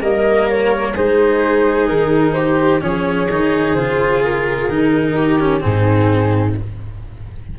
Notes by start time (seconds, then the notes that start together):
0.00 G3 A#3 A#4 D#5
0.49 C#5
0.94 G#3 D#4 G#4 C5
1.87 D#3 A#4
2.33 G4 C5
2.80 F3 C#4 G#4 C#5
3.30 D#3 D#4
3.73 C#3 F4 C5
4.23 A#4
4.68 D#3 D#4
5.15 G4
5.39 C#4
5.60 G#2 C4 D#4 G#4